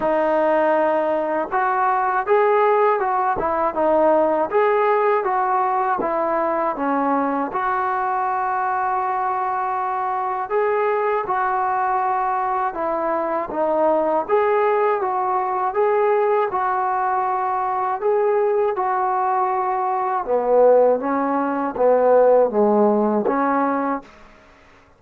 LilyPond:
\new Staff \with { instrumentName = "trombone" } { \time 4/4 \tempo 4 = 80 dis'2 fis'4 gis'4 | fis'8 e'8 dis'4 gis'4 fis'4 | e'4 cis'4 fis'2~ | fis'2 gis'4 fis'4~ |
fis'4 e'4 dis'4 gis'4 | fis'4 gis'4 fis'2 | gis'4 fis'2 b4 | cis'4 b4 gis4 cis'4 | }